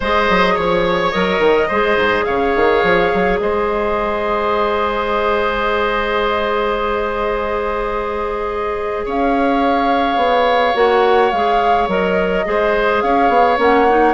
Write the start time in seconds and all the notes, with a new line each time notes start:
0.00 G#3 G#4 C5 D#5
0.29 F#3
0.54 F3 C#5
1.11 F#3 A#4 D#5
1.39 D#3
1.68 G#3 G#4 C5
1.96 G#2
2.24 C#3 C#5 F5
2.55 D#3
2.83 F3
3.13 F#3
3.39 G#3 C5 D#5
9.05 C#4 C#5 F5
10.16 B3
10.74 A#3 F#4 F#5
11.31 G#3 G#4 F5
11.88 F#3 A#4 D#5
12.45 G#3 G#4 C5
13.01 C#4 C#5 F5
13.29 B3
13.58 A#3 C#4 F#5
13.89 D#4